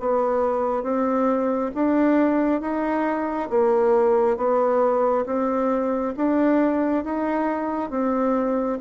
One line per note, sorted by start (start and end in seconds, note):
0.00 0.83 B3
0.83 1.71 C4
1.74 2.61 D4
2.61 3.50 D#4
3.50 4.37 A#3
4.37 5.25 B3
5.26 6.14 C4
6.17 7.05 D4
7.05 7.91 D#4
7.91 8.79 C4